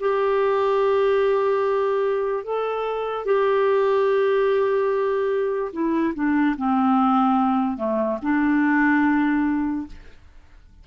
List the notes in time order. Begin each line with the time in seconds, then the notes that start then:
0.00 G4
2.44 A4
3.25 G4
5.73 E4
6.15 D4
6.57 C4
7.77 A3
8.22 D4